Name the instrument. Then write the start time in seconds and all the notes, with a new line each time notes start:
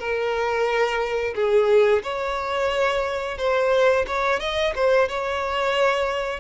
violin
0.00 A#4
1.35 G#4
2.03 C#5
3.38 C5
4.08 C#5
4.40 D#5
4.76 C5
5.09 C#5